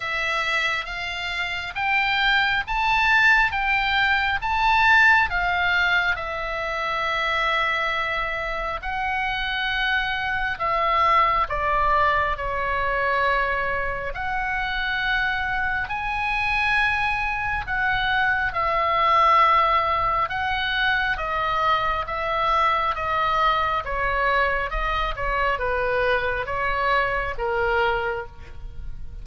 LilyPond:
\new Staff \with { instrumentName = "oboe" } { \time 4/4 \tempo 4 = 68 e''4 f''4 g''4 a''4 | g''4 a''4 f''4 e''4~ | e''2 fis''2 | e''4 d''4 cis''2 |
fis''2 gis''2 | fis''4 e''2 fis''4 | dis''4 e''4 dis''4 cis''4 | dis''8 cis''8 b'4 cis''4 ais'4 | }